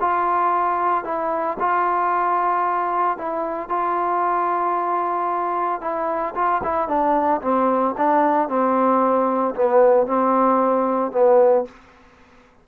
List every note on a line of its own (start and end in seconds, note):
0.00 1.04 F4
1.04 1.57 E4
1.59 3.17 F4
3.17 3.69 E4
3.69 5.81 F4
5.81 6.34 E4
6.35 6.61 F4
6.63 6.88 E4
6.88 7.41 D4
7.41 7.95 C4
7.97 8.48 D4
8.48 9.55 C4
9.55 10.06 B3
10.06 11.11 C4
11.11 11.65 B3